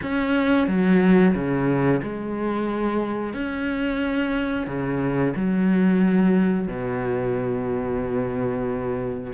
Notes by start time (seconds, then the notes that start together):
0.02 C#4
0.67 F#3
1.34 C#3
2.02 G#3
3.33 C#4
4.67 C#3
5.36 F#3
6.67 B2